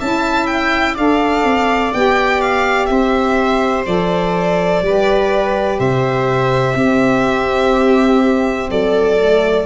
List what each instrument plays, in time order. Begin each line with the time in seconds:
0.00 tuba C#4, saxophone E4, viola E5, violin A5
0.47 violin G5
0.95 tuba D4, saxophone A4, viola D5, violin F5
1.44 tuba C4
1.94 tuba B3, saxophone G4, violin G5
2.41 violin F5
2.86 tuba C4, viola C5, violin E5
3.86 tuba F3, saxophone A4, violin D5
4.82 tuba G3, saxophone G4, viola B4
5.79 tuba C3, viola C5, violin E5
6.76 tuba C4, saxophone C4, viola G4
8.71 tuba F#3, viola A4, violin D5
9.18 saxophone A3